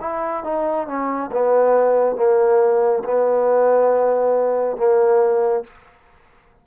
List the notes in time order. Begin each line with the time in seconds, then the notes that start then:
0.00 E4
0.43 D#4
0.87 C#4
1.32 B3
2.16 A#3
3.04 B3
4.77 A#3